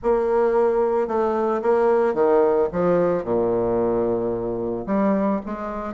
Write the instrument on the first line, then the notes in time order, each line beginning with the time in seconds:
bassoon
0.02 A#3
1.07 A3
1.62 A#3
2.14 D#3
2.72 F3
3.23 A#2
4.86 G3
5.45 G#3